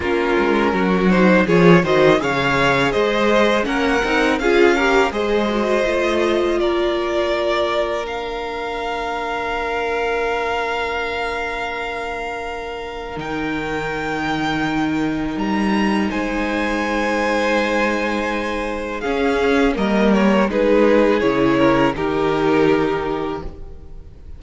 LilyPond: <<
  \new Staff \with { instrumentName = "violin" } { \time 4/4 \tempo 4 = 82 ais'4. c''8 cis''8 dis''8 f''4 | dis''4 fis''4 f''4 dis''4~ | dis''4 d''2 f''4~ | f''1~ |
f''2 g''2~ | g''4 ais''4 gis''2~ | gis''2 f''4 dis''8 cis''8 | b'4 cis''4 ais'2 | }
  \new Staff \with { instrumentName = "violin" } { \time 4/4 f'4 fis'4 gis'8 c''8 cis''4 | c''4 ais'4 gis'8 ais'8 c''4~ | c''4 ais'2.~ | ais'1~ |
ais'1~ | ais'2 c''2~ | c''2 gis'4 ais'4 | gis'4. ais'8 g'2 | }
  \new Staff \with { instrumentName = "viola" } { \time 4/4 cis'4. dis'8 f'8 fis'8 gis'4~ | gis'4 cis'8 dis'8 f'8 g'8 gis'8 fis'8 | f'2. d'4~ | d'1~ |
d'2 dis'2~ | dis'1~ | dis'2 cis'4 ais4 | dis'4 e'4 dis'2 | }
  \new Staff \with { instrumentName = "cello" } { \time 4/4 ais8 gis8 fis4 f8 dis8 cis4 | gis4 ais8 c'8 cis'4 gis4 | a4 ais2.~ | ais1~ |
ais2 dis2~ | dis4 g4 gis2~ | gis2 cis'4 g4 | gis4 cis4 dis2 | }
>>